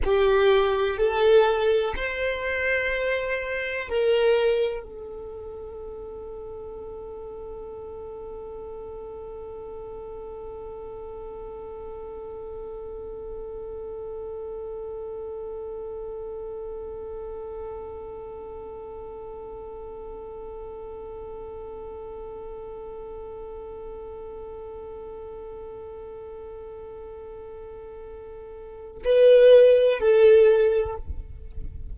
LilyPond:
\new Staff \with { instrumentName = "violin" } { \time 4/4 \tempo 4 = 62 g'4 a'4 c''2 | ais'4 a'2.~ | a'1~ | a'1~ |
a'1~ | a'1~ | a'1~ | a'2 b'4 a'4 | }